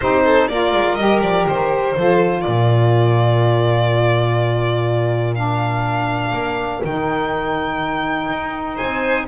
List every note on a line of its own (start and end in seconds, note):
0.00 0.48 C4
0.00 0.50 D#4
0.00 0.24 G4
0.00 0.47 C5
0.24 0.49 A4
0.47 0.72 A#3
0.47 0.97 F4
0.47 1.96 A#4
0.47 0.95 D5
0.72 0.96 G#3
0.95 1.21 G3
0.95 1.95 G4
0.95 1.19 D#5
1.21 1.45 F3
1.21 1.45 D5
1.46 1.95 D#3
1.46 2.41 C5
1.96 2.45 F3
1.96 5.35 F4
1.96 2.42 A4
2.41 6.32 A#2
2.41 8.75 A#4
2.41 5.34 D5
5.35 6.81 D4
5.35 6.81 F5
6.32 6.81 A#3
6.84 8.29 D#3
6.84 9.27 D#4
6.84 8.76 G5
8.29 8.78 D#4
8.75 9.24 C5
8.75 9.25 G#5
8.82 9.27 C4